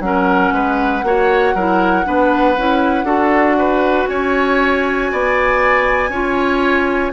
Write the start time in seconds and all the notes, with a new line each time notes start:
0.00 F#3 C#4 A#4 F#5
0.52 G#3 B4
1.03 A#3 F#4 C#5
1.55 F#3 E4 A#4
2.04 B3 D4 B4
2.58 C#4 E4
3.04 D4 F#4 A4
3.59 B4
4.08 C#4 C#5 G#5
5.12 B3 D5
6.10 C#4 F4 C#5